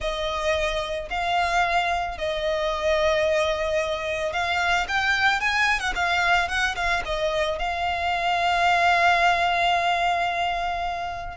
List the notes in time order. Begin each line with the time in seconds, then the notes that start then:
0.00 D#5
1.10 F5
2.18 D#5
4.32 F5
4.88 G5
5.40 G#5
5.79 F#5
5.95 F5
6.48 F#5
6.75 F5
7.05 D#5
7.58 F5